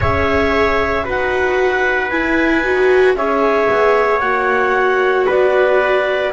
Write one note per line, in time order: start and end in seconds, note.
0.00 1.07 C#4
0.00 1.04 G#4
0.00 1.04 C#5
0.00 1.07 E5
1.04 2.11 D#4
1.04 2.09 F#4
1.04 3.15 B4
1.04 2.10 F#5
2.10 2.64 E4
2.10 2.63 E4
2.10 3.15 G#5
2.63 3.15 D#4
2.63 3.16 F#4
3.15 3.67 C#4
3.15 4.21 G#4
3.15 5.26 C#5
3.15 4.19 E5
3.70 4.20 B3
4.19 5.26 A#3
4.19 6.31 F#4
4.19 5.25 F#5
5.26 6.32 B3
5.26 6.31 B4
5.26 6.32 D5